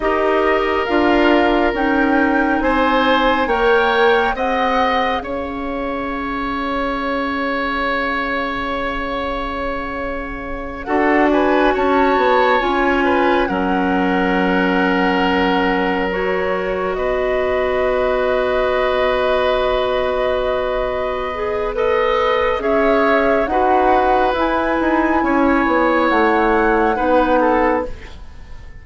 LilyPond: <<
  \new Staff \with { instrumentName = "flute" } { \time 4/4 \tempo 4 = 69 dis''4 f''4 g''4 gis''4 | g''4 fis''4 f''2~ | f''1~ | f''8 fis''8 gis''8 a''4 gis''4 fis''8~ |
fis''2~ fis''8 cis''4 dis''8~ | dis''1~ | dis''4 b'4 e''4 fis''4 | gis''2 fis''2 | }
  \new Staff \with { instrumentName = "oboe" } { \time 4/4 ais'2. c''4 | cis''4 dis''4 cis''2~ | cis''1~ | cis''8 a'8 b'8 cis''4. b'8 ais'8~ |
ais'2.~ ais'8 b'8~ | b'1~ | b'4 dis''4 cis''4 b'4~ | b'4 cis''2 b'8 a'8 | }
  \new Staff \with { instrumentName = "clarinet" } { \time 4/4 g'4 f'4 dis'2 | ais'4 gis'2.~ | gis'1~ | gis'8 fis'2 f'4 cis'8~ |
cis'2~ cis'8 fis'4.~ | fis'1~ | fis'8 gis'8 a'4 gis'4 fis'4 | e'2. dis'4 | }
  \new Staff \with { instrumentName = "bassoon" } { \time 4/4 dis'4 d'4 cis'4 c'4 | ais4 c'4 cis'2~ | cis'1~ | cis'8 d'4 cis'8 b8 cis'4 fis8~ |
fis2.~ fis8 b8~ | b1~ | b2 cis'4 dis'4 | e'8 dis'8 cis'8 b8 a4 b4 | }
>>